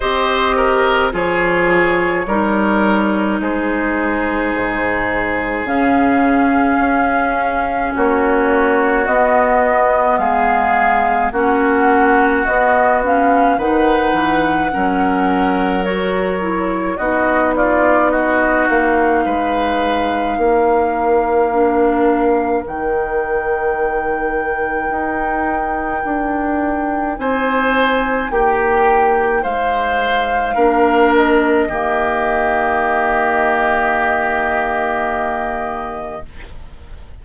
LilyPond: <<
  \new Staff \with { instrumentName = "flute" } { \time 4/4 \tempo 4 = 53 dis''4 cis''2 c''4~ | c''4 f''2 cis''4 | dis''4 f''4 fis''4 dis''8 f''8 | fis''2 cis''4 dis''8 d''8 |
dis''8 f''2.~ f''8 | g''1 | gis''4 g''4 f''4. dis''8~ | dis''1 | }
  \new Staff \with { instrumentName = "oboe" } { \time 4/4 c''8 ais'8 gis'4 ais'4 gis'4~ | gis'2. fis'4~ | fis'4 gis'4 fis'2 | b'4 ais'2 fis'8 f'8 |
fis'4 b'4 ais'2~ | ais'1 | c''4 g'4 c''4 ais'4 | g'1 | }
  \new Staff \with { instrumentName = "clarinet" } { \time 4/4 g'4 f'4 dis'2~ | dis'4 cis'2. | b2 cis'4 b8 cis'8 | dis'4 cis'4 fis'8 e'8 dis'4~ |
dis'2. d'4 | dis'1~ | dis'2. d'4 | ais1 | }
  \new Staff \with { instrumentName = "bassoon" } { \time 4/4 c'4 f4 g4 gis4 | gis,4 cis4 cis'4 ais4 | b4 gis4 ais4 b4 | dis8 e8 fis2 b4~ |
b8 ais8 gis4 ais2 | dis2 dis'4 d'4 | c'4 ais4 gis4 ais4 | dis1 | }
>>